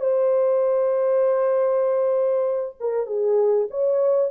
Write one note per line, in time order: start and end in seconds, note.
0.00 2.76 C5
2.79 3.06 A#4
3.06 3.67 G#4
3.70 4.31 C#5